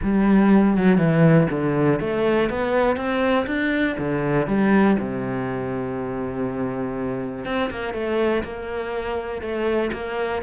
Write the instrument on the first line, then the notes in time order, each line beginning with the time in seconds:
cello
0.02 G3
0.76 F#3
0.97 E3
1.50 D3
1.99 A3
2.49 B3
2.96 C4
3.46 D4
3.98 D3
4.47 G3
4.99 C3
7.45 C4
7.70 A#3
7.93 A3
8.43 A#3
9.41 A3
9.92 A#3